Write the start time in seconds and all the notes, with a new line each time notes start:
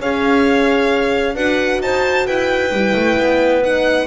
0.00 C#4 G#4 C#5 F5
1.35 D4 F#4 B4 F#5
1.80 D#4 C5 A5
2.27 E4 B4 G5
2.71 G3 E4
2.95 A3
3.18 B3
3.63 D#4 F#5